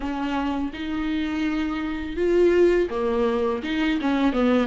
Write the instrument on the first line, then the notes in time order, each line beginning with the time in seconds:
viola
0.00 C#4
0.73 D#4
2.16 F4
2.90 A#3
3.63 D#4
4.01 C#4
4.32 B3